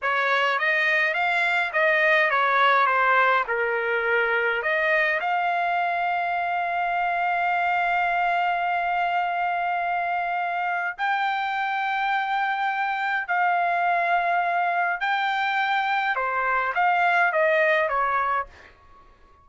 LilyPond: \new Staff \with { instrumentName = "trumpet" } { \time 4/4 \tempo 4 = 104 cis''4 dis''4 f''4 dis''4 | cis''4 c''4 ais'2 | dis''4 f''2.~ | f''1~ |
f''2. g''4~ | g''2. f''4~ | f''2 g''2 | c''4 f''4 dis''4 cis''4 | }